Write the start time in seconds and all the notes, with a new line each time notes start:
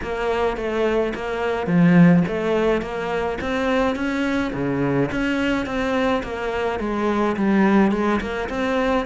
0.02 A#3
0.56 A3
1.14 A#3
1.66 F3
2.27 A3
2.81 A#3
3.41 C4
3.95 C#4
4.53 C#3
5.11 C#4
5.66 C4
6.23 A#3
6.79 G#3
7.36 G3
7.91 G#3
8.20 A#3
8.49 C4